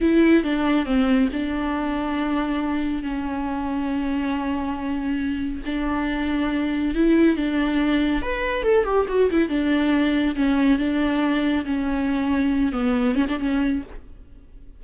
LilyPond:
\new Staff \with { instrumentName = "viola" } { \time 4/4 \tempo 4 = 139 e'4 d'4 c'4 d'4~ | d'2. cis'4~ | cis'1~ | cis'4 d'2. |
e'4 d'2 b'4 | a'8 g'8 fis'8 e'8 d'2 | cis'4 d'2 cis'4~ | cis'4. b4 cis'16 d'16 cis'4 | }